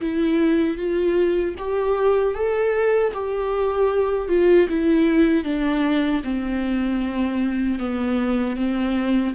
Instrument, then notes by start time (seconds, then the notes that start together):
viola
0.01 E4
0.77 F4
1.58 G4
2.34 A4
3.13 G4
4.28 F4
4.68 E4
5.44 D4
6.23 C4
7.79 B3
8.56 C4